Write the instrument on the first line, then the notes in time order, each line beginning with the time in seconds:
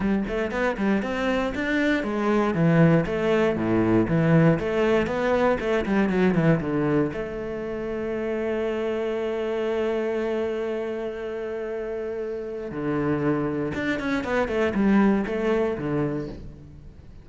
cello
0.00 G3
0.28 A3
0.51 B3
0.77 G3
1.02 C4
1.54 D4
2.03 G#3
2.54 E3
3.06 A3
3.55 A2
4.08 E3
4.59 A3
5.06 B3
5.59 A3
5.85 G3
6.09 F#3
6.34 E3
6.60 D3
7.13 A3
12.71 D3
13.74 D4
13.99 C#4
14.24 B3
14.48 A3
14.74 G3
15.26 A3
15.77 D3